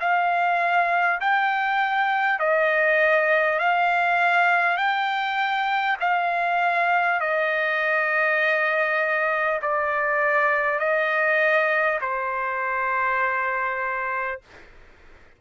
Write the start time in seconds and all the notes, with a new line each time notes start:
0.00 F5
1.21 G5
2.39 D#5
3.59 F5
4.77 G5
6.01 F5
7.21 D#5
9.62 D5
10.79 D#5
12.01 C5